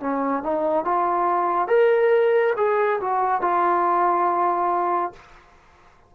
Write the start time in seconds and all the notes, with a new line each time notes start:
0.00 C#4
0.43 D#4
0.85 F4
1.68 A#4
2.57 G#4
3.00 F#4
3.41 F4